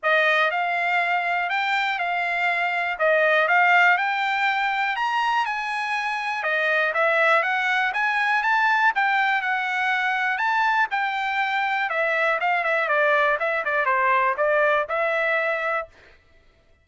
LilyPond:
\new Staff \with { instrumentName = "trumpet" } { \time 4/4 \tempo 4 = 121 dis''4 f''2 g''4 | f''2 dis''4 f''4 | g''2 ais''4 gis''4~ | gis''4 dis''4 e''4 fis''4 |
gis''4 a''4 g''4 fis''4~ | fis''4 a''4 g''2 | e''4 f''8 e''8 d''4 e''8 d''8 | c''4 d''4 e''2 | }